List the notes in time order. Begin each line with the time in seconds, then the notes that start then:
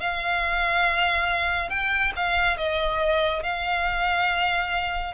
0.00 F5
1.69 G5
2.16 F5
2.57 D#5
3.43 F5